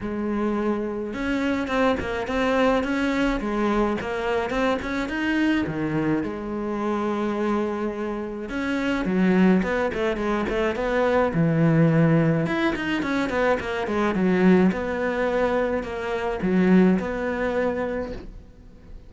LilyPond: \new Staff \with { instrumentName = "cello" } { \time 4/4 \tempo 4 = 106 gis2 cis'4 c'8 ais8 | c'4 cis'4 gis4 ais4 | c'8 cis'8 dis'4 dis4 gis4~ | gis2. cis'4 |
fis4 b8 a8 gis8 a8 b4 | e2 e'8 dis'8 cis'8 b8 | ais8 gis8 fis4 b2 | ais4 fis4 b2 | }